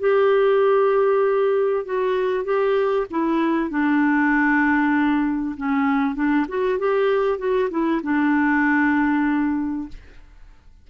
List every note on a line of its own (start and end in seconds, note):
0.00 1.86 G4
1.86 2.45 F#4
2.45 3.06 G4
3.10 3.70 E4
3.70 5.56 D4
5.57 6.15 C#4
6.15 6.46 D4
6.49 6.79 F#4
6.79 7.39 G4
7.39 7.70 F#4
7.70 8.01 E4
8.03 9.89 D4